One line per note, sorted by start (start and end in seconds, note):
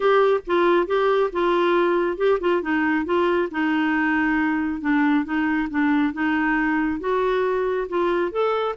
0.00 0.40 G4
0.46 0.86 F4
0.86 1.30 G4
1.32 2.17 F4
2.17 2.38 G4
2.40 2.61 F4
2.61 3.05 D#4
3.05 3.48 F4
3.51 4.81 D#4
4.81 5.24 D4
5.24 5.68 D#4
5.70 6.13 D4
6.13 7.00 D#4
7.00 7.87 F#4
7.89 8.31 F4
8.31 8.75 A4